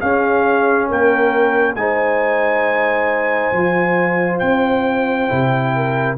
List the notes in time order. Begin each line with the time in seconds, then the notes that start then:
0.00 C#4 G#4 F5
0.88 A#3 A#4 G5
1.75 G#3 D#4 C5 G#5
3.53 F3 F4
4.39 C4 G5
5.29 C3 E4
5.76 A#4